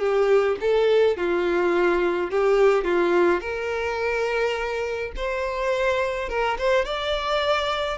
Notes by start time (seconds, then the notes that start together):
0.00 G4
0.61 A4
1.18 F4
2.31 G4
2.85 F4
3.41 A#4
5.17 C5
6.30 A#4
6.58 C5
6.85 D5